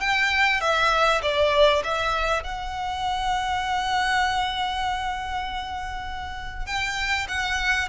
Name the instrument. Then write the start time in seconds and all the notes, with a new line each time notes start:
violin
0.00 G5
0.60 E5
1.22 D5
1.83 E5
2.43 F#5
6.66 G5
7.28 F#5